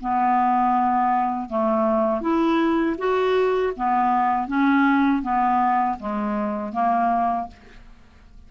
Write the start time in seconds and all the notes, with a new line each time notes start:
0.00 B3
1.49 A3
2.21 E4
2.98 F#4
3.76 B3
4.47 C#4
5.22 B3
5.99 G#3
6.72 A#3